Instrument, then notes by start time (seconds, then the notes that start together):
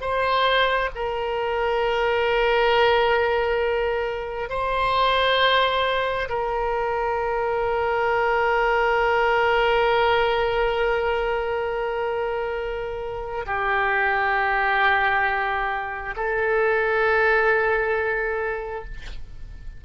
oboe
0.00 C5
0.95 A#4
4.49 C5
6.29 A#4
13.46 G4
16.16 A4